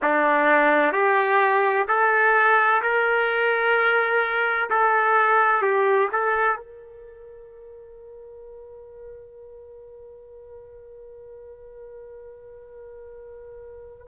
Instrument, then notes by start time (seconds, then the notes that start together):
trumpet
0.02 D4
0.92 G4
1.87 A4
2.82 A#4
4.70 A4
5.62 G4
6.12 A4
6.56 A#4